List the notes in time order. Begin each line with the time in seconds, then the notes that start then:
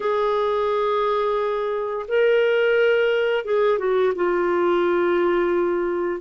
0.00 G#4
2.08 A#4
3.44 G#4
3.78 F#4
4.15 F4